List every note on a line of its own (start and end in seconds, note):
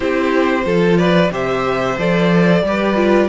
0.00 0.65 C4
0.00 0.62 E4
0.00 0.64 G4
0.00 0.97 C5
0.62 1.30 F3
0.62 1.28 F4
0.62 0.98 A4
0.97 1.31 B4
0.97 1.30 D5
1.30 1.96 C3
1.30 1.97 G4
1.30 2.63 C5
1.30 1.99 E5
1.97 2.62 F3
1.97 2.64 A4
1.97 3.28 D5
2.62 3.28 G3
2.62 2.95 G4
2.62 3.28 B4
2.95 3.28 F4